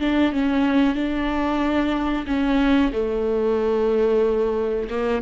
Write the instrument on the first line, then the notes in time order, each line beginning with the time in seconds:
viola
0.00 D4
0.32 C#4
0.95 D4
2.27 C#4
2.93 A3
4.90 A#3